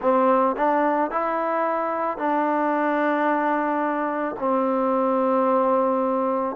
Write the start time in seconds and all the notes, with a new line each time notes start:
0.01 C4
0.56 D4
1.11 E4
2.17 D4
4.38 C4